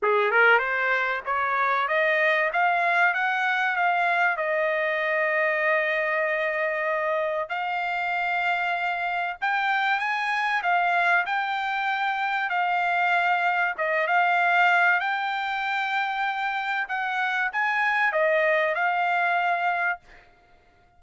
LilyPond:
\new Staff \with { instrumentName = "trumpet" } { \time 4/4 \tempo 4 = 96 gis'8 ais'8 c''4 cis''4 dis''4 | f''4 fis''4 f''4 dis''4~ | dis''1 | f''2. g''4 |
gis''4 f''4 g''2 | f''2 dis''8 f''4. | g''2. fis''4 | gis''4 dis''4 f''2 | }